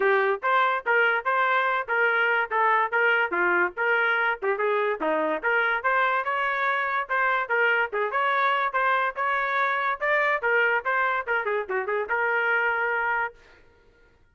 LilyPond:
\new Staff \with { instrumentName = "trumpet" } { \time 4/4 \tempo 4 = 144 g'4 c''4 ais'4 c''4~ | c''8 ais'4. a'4 ais'4 | f'4 ais'4. g'8 gis'4 | dis'4 ais'4 c''4 cis''4~ |
cis''4 c''4 ais'4 gis'8 cis''8~ | cis''4 c''4 cis''2 | d''4 ais'4 c''4 ais'8 gis'8 | fis'8 gis'8 ais'2. | }